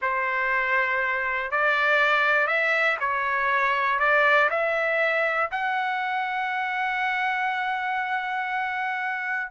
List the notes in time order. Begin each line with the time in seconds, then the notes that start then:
0.01 C5
1.51 D5
2.47 E5
3.00 C#5
3.99 D5
4.50 E5
5.51 F#5